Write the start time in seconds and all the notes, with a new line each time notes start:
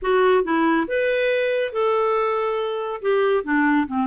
0.02 F#4
0.43 E4
0.87 B4
1.72 A4
3.01 G4
3.44 D4
3.87 C4